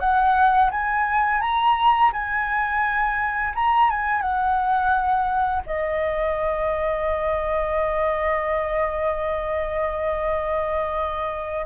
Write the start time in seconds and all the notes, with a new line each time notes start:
0.00 F#5
0.71 G#5
1.41 A#5
2.13 G#5
3.55 A#5
3.90 G#5
4.22 F#5
5.67 D#5